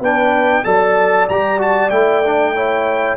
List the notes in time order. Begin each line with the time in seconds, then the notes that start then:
0.00 B3 D4 B4 G5
0.64 F#3 A4 D5 A5
1.29 G3 G4 A#5
1.58 F#4 A5
1.90 A3 E4 G5
2.24 D4
2.55 E4 C#5